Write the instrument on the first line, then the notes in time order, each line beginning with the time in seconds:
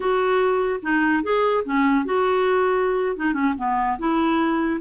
clarinet
0.00 F#4
0.82 D#4
1.23 G#4
1.64 C#4
2.05 F#4
3.16 D#4
3.33 C#4
3.57 B3
3.98 E4